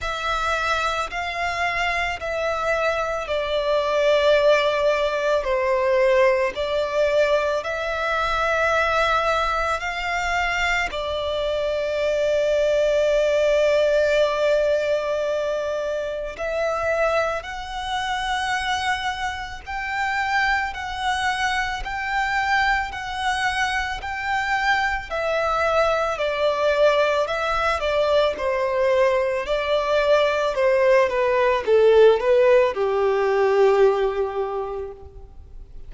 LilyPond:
\new Staff \with { instrumentName = "violin" } { \time 4/4 \tempo 4 = 55 e''4 f''4 e''4 d''4~ | d''4 c''4 d''4 e''4~ | e''4 f''4 d''2~ | d''2. e''4 |
fis''2 g''4 fis''4 | g''4 fis''4 g''4 e''4 | d''4 e''8 d''8 c''4 d''4 | c''8 b'8 a'8 b'8 g'2 | }